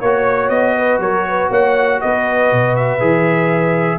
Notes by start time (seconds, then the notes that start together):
0.00 A#3 F#4 C#5
0.49 B3 D#5
0.77 B4
0.99 F#3 A#4 C#5
1.28 B4
1.50 A#3 C#5 F#5
2.01 B3 B4 D#5
2.52 B2
2.76 E5
3.00 E3 G#4